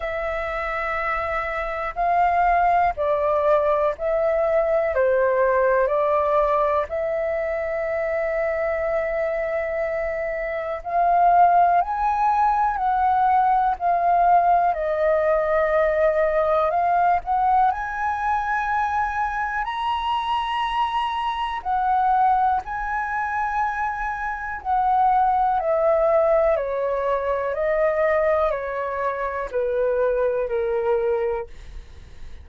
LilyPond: \new Staff \with { instrumentName = "flute" } { \time 4/4 \tempo 4 = 61 e''2 f''4 d''4 | e''4 c''4 d''4 e''4~ | e''2. f''4 | gis''4 fis''4 f''4 dis''4~ |
dis''4 f''8 fis''8 gis''2 | ais''2 fis''4 gis''4~ | gis''4 fis''4 e''4 cis''4 | dis''4 cis''4 b'4 ais'4 | }